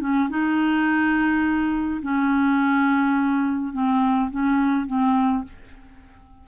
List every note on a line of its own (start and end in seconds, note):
0.00 0.29 C#4
0.29 2.01 D#4
2.02 3.73 C#4
3.73 4.30 C4
4.30 4.86 C#4
4.86 5.43 C4